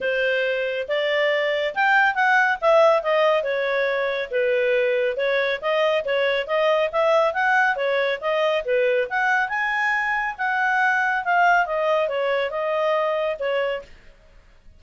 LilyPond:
\new Staff \with { instrumentName = "clarinet" } { \time 4/4 \tempo 4 = 139 c''2 d''2 | g''4 fis''4 e''4 dis''4 | cis''2 b'2 | cis''4 dis''4 cis''4 dis''4 |
e''4 fis''4 cis''4 dis''4 | b'4 fis''4 gis''2 | fis''2 f''4 dis''4 | cis''4 dis''2 cis''4 | }